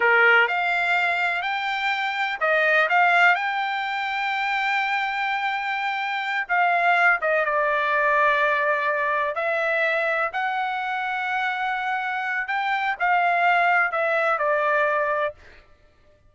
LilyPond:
\new Staff \with { instrumentName = "trumpet" } { \time 4/4 \tempo 4 = 125 ais'4 f''2 g''4~ | g''4 dis''4 f''4 g''4~ | g''1~ | g''4. f''4. dis''8 d''8~ |
d''2.~ d''8 e''8~ | e''4. fis''2~ fis''8~ | fis''2 g''4 f''4~ | f''4 e''4 d''2 | }